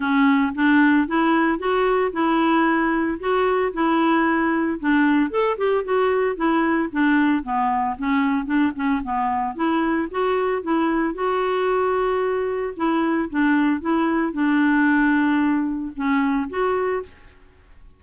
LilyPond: \new Staff \with { instrumentName = "clarinet" } { \time 4/4 \tempo 4 = 113 cis'4 d'4 e'4 fis'4 | e'2 fis'4 e'4~ | e'4 d'4 a'8 g'8 fis'4 | e'4 d'4 b4 cis'4 |
d'8 cis'8 b4 e'4 fis'4 | e'4 fis'2. | e'4 d'4 e'4 d'4~ | d'2 cis'4 fis'4 | }